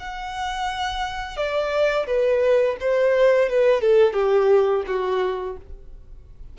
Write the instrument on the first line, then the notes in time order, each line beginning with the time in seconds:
violin
0.00 F#5
1.37 D5
2.07 B4
2.81 C5
3.49 B4
3.81 A4
4.14 G4
4.87 F#4